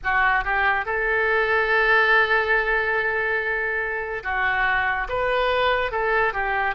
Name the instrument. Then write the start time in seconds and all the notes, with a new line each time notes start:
oboe
0.03 F#4
0.44 G4
0.85 A4
4.23 F#4
5.08 B4
5.91 A4
6.33 G4